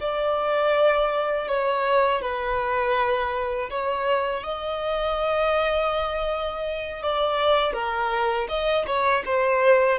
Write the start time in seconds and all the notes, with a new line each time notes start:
0.00 D5
1.47 C#5
2.21 B4
3.70 C#5
4.43 D#5
7.02 D5
7.73 A#4
8.48 D#5
8.86 C#5
9.25 C5